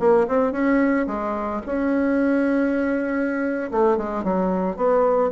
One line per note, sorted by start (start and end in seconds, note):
0.00 0.27 A#3
0.28 0.52 C4
0.52 1.07 C#4
1.07 1.62 G#3
1.67 3.71 C#4
3.71 3.98 A3
3.98 4.24 G#3
4.24 4.77 F#3
4.77 5.31 B3